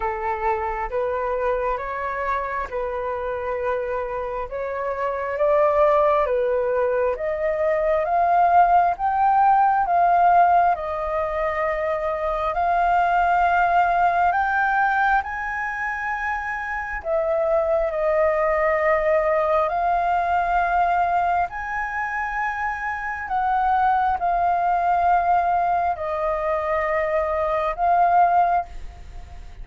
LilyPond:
\new Staff \with { instrumentName = "flute" } { \time 4/4 \tempo 4 = 67 a'4 b'4 cis''4 b'4~ | b'4 cis''4 d''4 b'4 | dis''4 f''4 g''4 f''4 | dis''2 f''2 |
g''4 gis''2 e''4 | dis''2 f''2 | gis''2 fis''4 f''4~ | f''4 dis''2 f''4 | }